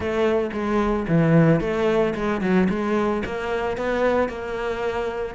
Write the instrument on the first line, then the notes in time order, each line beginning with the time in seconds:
cello
0.00 A3
0.52 G#3
1.08 E3
1.60 A3
2.14 G#3
2.41 F#3
2.69 G#3
3.25 A#3
3.77 B3
4.28 A#3